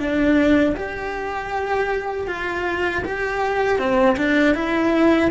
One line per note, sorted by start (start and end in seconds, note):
0.00 0.76 D4
0.77 2.28 G4
2.28 3.04 F4
3.05 3.79 G4
3.79 4.17 C4
4.17 4.55 D4
4.55 5.31 E4